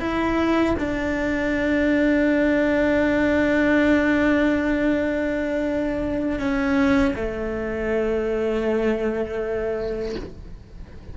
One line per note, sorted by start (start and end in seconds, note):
0.00 0.75 E4
0.79 6.39 D4
6.39 7.14 C#4
7.15 10.15 A3